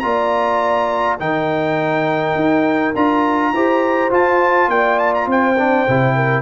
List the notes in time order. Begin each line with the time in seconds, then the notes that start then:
0.00 A#3 F4 D5 A#5
1.20 D#3 D#4 A#4 G5
2.35 D#4
2.96 D4 F4 A#5
3.53 E4 G4 C5
4.11 F4 A5
4.69 A#3 D5 G5
4.99 A5
5.15 A#5
5.27 C4 C5 G5
5.58 D4
5.88 C3 E4
6.16 A#4